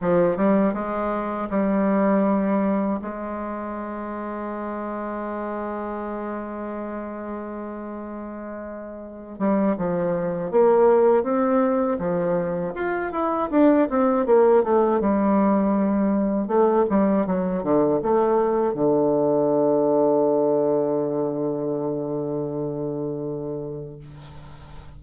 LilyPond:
\new Staff \with { instrumentName = "bassoon" } { \time 4/4 \tempo 4 = 80 f8 g8 gis4 g2 | gis1~ | gis1~ | gis8 g8 f4 ais4 c'4 |
f4 f'8 e'8 d'8 c'8 ais8 a8 | g2 a8 g8 fis8 d8 | a4 d2.~ | d1 | }